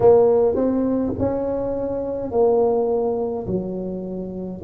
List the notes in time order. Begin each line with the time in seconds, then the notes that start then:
0.00 A#3
0.55 C4
1.19 C#4
2.31 A#3
3.46 F#3